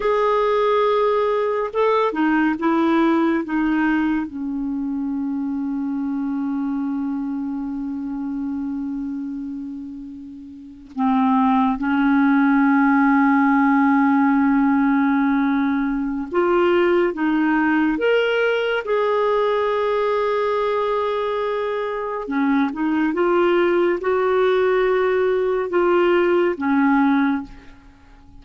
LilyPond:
\new Staff \with { instrumentName = "clarinet" } { \time 4/4 \tempo 4 = 70 gis'2 a'8 dis'8 e'4 | dis'4 cis'2.~ | cis'1~ | cis'8. c'4 cis'2~ cis'16~ |
cis'2. f'4 | dis'4 ais'4 gis'2~ | gis'2 cis'8 dis'8 f'4 | fis'2 f'4 cis'4 | }